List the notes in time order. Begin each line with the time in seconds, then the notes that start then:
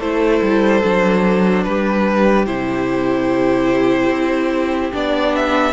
0.00 A3 E4 A4 C5
0.42 G3
0.83 F#3 D4
1.64 G3 G4 B4
2.46 C3 E4 C5
4.10 C4
4.93 B3 D4 D5
5.36 E5